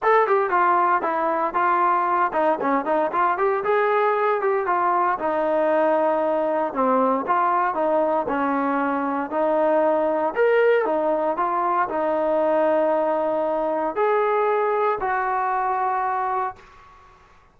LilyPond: \new Staff \with { instrumentName = "trombone" } { \time 4/4 \tempo 4 = 116 a'8 g'8 f'4 e'4 f'4~ | f'8 dis'8 cis'8 dis'8 f'8 g'8 gis'4~ | gis'8 g'8 f'4 dis'2~ | dis'4 c'4 f'4 dis'4 |
cis'2 dis'2 | ais'4 dis'4 f'4 dis'4~ | dis'2. gis'4~ | gis'4 fis'2. | }